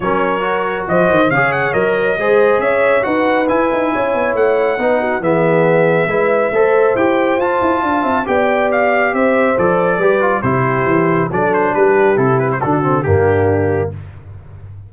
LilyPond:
<<
  \new Staff \with { instrumentName = "trumpet" } { \time 4/4 \tempo 4 = 138 cis''2 dis''4 f''8 fis''8 | dis''2 e''4 fis''4 | gis''2 fis''2 | e''1 |
g''4 a''2 g''4 | f''4 e''4 d''2 | c''2 d''8 c''8 b'4 | a'8 b'16 c''16 a'4 g'2 | }
  \new Staff \with { instrumentName = "horn" } { \time 4/4 ais'2 c''4 cis''4~ | cis''4 c''4 cis''4 b'4~ | b'4 cis''2 b'8 fis'8 | gis'2 b'4 c''4~ |
c''2 f''8 e''8 d''4~ | d''4 c''2 b'4 | g'2 a'4 g'4~ | g'4 fis'4 d'2 | }
  \new Staff \with { instrumentName = "trombone" } { \time 4/4 cis'4 fis'2 gis'4 | ais'4 gis'2 fis'4 | e'2. dis'4 | b2 e'4 a'4 |
g'4 f'2 g'4~ | g'2 a'4 g'8 f'8 | e'2 d'2 | e'4 d'8 c'8 ais2 | }
  \new Staff \with { instrumentName = "tuba" } { \time 4/4 fis2 f8 dis8 cis4 | fis4 gis4 cis'4 dis'4 | e'8 dis'8 cis'8 b8 a4 b4 | e2 gis4 a4 |
e'4 f'8 e'8 d'8 c'8 b4~ | b4 c'4 f4 g4 | c4 e4 fis4 g4 | c4 d4 g,2 | }
>>